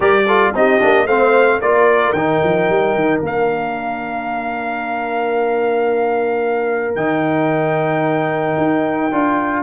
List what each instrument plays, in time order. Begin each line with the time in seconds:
0.00 tuba G3, trombone G4, horn A#4, trumpet D5
0.26 trombone F4, horn A4
0.54 tuba C4, trombone D#4, horn G4, trumpet D#5
0.80 tuba A#3, trombone D4
1.06 tuba A3, trombone C4, horn C5, trumpet F5
1.60 tuba A#3, trombone F4, horn A#4, trumpet D5
2.12 tuba D#3, trombone D#4, trumpet G5
2.43 tuba F3
2.69 tuba G3
2.94 tuba D#3
3.22 tuba A#3, trombone D4, trumpet F5
6.95 tuba D#3, trombone D#4, trumpet G5
8.57 tuba D#4
9.11 tuba D4, trombone F4